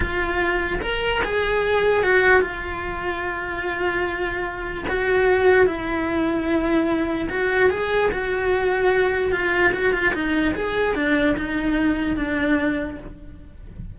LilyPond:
\new Staff \with { instrumentName = "cello" } { \time 4/4 \tempo 4 = 148 f'2 ais'4 gis'4~ | gis'4 fis'4 f'2~ | f'1 | fis'2 e'2~ |
e'2 fis'4 gis'4 | fis'2. f'4 | fis'8 f'8 dis'4 gis'4 d'4 | dis'2 d'2 | }